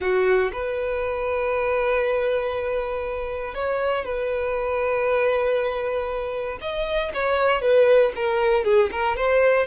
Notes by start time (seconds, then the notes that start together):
0.00 F#4
0.52 B4
3.54 C#5
4.04 B4
6.61 D#5
7.14 C#5
7.61 B4
8.15 A#4
8.64 G#4
8.91 A#4
9.16 C5